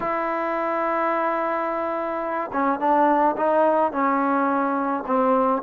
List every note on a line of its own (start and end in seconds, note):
0.00 2.50 E4
2.53 2.79 C#4
2.79 3.35 D4
3.36 3.92 D#4
3.92 5.04 C#4
5.06 5.62 C4